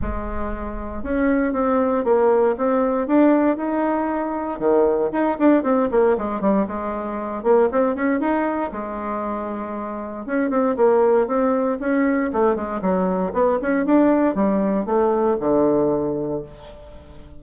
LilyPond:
\new Staff \with { instrumentName = "bassoon" } { \time 4/4 \tempo 4 = 117 gis2 cis'4 c'4 | ais4 c'4 d'4 dis'4~ | dis'4 dis4 dis'8 d'8 c'8 ais8 | gis8 g8 gis4. ais8 c'8 cis'8 |
dis'4 gis2. | cis'8 c'8 ais4 c'4 cis'4 | a8 gis8 fis4 b8 cis'8 d'4 | g4 a4 d2 | }